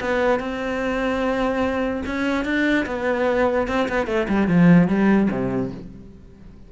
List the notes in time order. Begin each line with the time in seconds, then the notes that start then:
0.00 B3
0.39 C4
2.06 C#4
2.45 D4
2.86 B3
3.67 C4
3.88 B3
4.06 A3
4.28 G3
4.47 F3
4.88 G3
5.30 C3